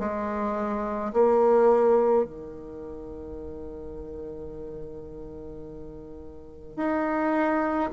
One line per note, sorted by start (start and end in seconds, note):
0.00 1.13 G#3
1.14 2.25 A#3
2.25 6.77 D#3
6.77 7.90 D#4